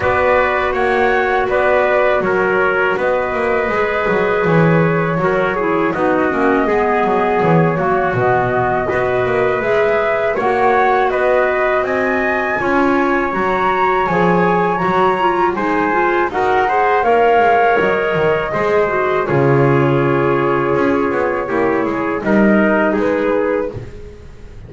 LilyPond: <<
  \new Staff \with { instrumentName = "flute" } { \time 4/4 \tempo 4 = 81 d''4 fis''4 d''4 cis''4 | dis''2 cis''2 | dis''2 cis''4 dis''4~ | dis''4 e''4 fis''4 dis''4 |
gis''2 ais''4 gis''4 | ais''4 gis''4 fis''4 f''4 | dis''2 cis''2~ | cis''2 dis''4 b'4 | }
  \new Staff \with { instrumentName = "trumpet" } { \time 4/4 b'4 cis''4 b'4 ais'4 | b'2. ais'8 gis'8 | fis'4 gis'4. fis'4. | b'2 cis''4 b'4 |
dis''4 cis''2.~ | cis''4 c''4 ais'8 c''8 cis''4~ | cis''4 c''4 gis'2~ | gis'4 g'8 gis'8 ais'4 gis'4 | }
  \new Staff \with { instrumentName = "clarinet" } { \time 4/4 fis'1~ | fis'4 gis'2 fis'8 e'8 | dis'8 cis'8 b4. ais8 b4 | fis'4 gis'4 fis'2~ |
fis'4 f'4 fis'4 gis'4 | fis'8 f'8 dis'8 f'8 fis'8 gis'8 ais'4~ | ais'4 gis'8 fis'8 f'2~ | f'4 e'4 dis'2 | }
  \new Staff \with { instrumentName = "double bass" } { \time 4/4 b4 ais4 b4 fis4 | b8 ais8 gis8 fis8 e4 fis4 | b8 ais8 gis8 fis8 e8 fis8 b,4 | b8 ais8 gis4 ais4 b4 |
c'4 cis'4 fis4 f4 | fis4 gis4 dis'4 ais8 gis8 | fis8 dis8 gis4 cis2 | cis'8 b8 ais8 gis8 g4 gis4 | }
>>